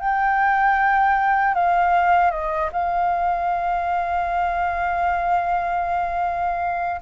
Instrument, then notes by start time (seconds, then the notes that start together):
flute
0.00 G5
1.55 F5
2.31 D#5
2.73 F5